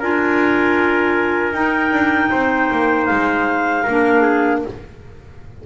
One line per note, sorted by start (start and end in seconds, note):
0.00 1.53 D4
0.00 1.53 F4
0.00 2.31 A#4
0.00 1.54 G#5
1.53 1.91 D#4
1.53 3.84 D#4
1.53 3.06 G5
1.92 2.30 D4
2.31 2.70 C4
2.31 3.83 C5
2.71 3.10 A#3
3.06 3.88 G#3
3.06 4.59 F5
3.83 4.65 A#3
3.83 4.66 D4
3.83 4.22 A#4
4.22 4.60 G#4